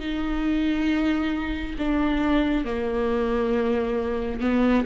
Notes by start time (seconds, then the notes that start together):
0.00 D#4
1.79 D4
2.65 A#3
4.41 B3